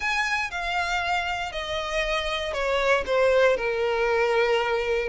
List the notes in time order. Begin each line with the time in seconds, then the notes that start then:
0.00 G#5
0.50 F5
1.52 D#5
2.53 C#5
3.06 C5
3.57 A#4